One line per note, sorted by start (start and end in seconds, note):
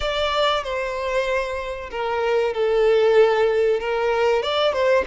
0.00 0.63 D5
0.63 1.89 C5
1.90 2.53 A#4
2.53 3.80 A4
3.80 4.42 A#4
4.42 4.72 D5
4.72 5.04 C5